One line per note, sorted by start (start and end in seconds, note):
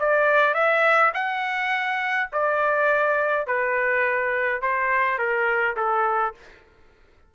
0.00 0.55 D5
0.55 1.12 E5
1.14 2.30 F#5
2.33 3.47 D5
3.47 4.62 B4
4.62 5.19 C5
5.19 5.76 A#4
5.77 6.35 A4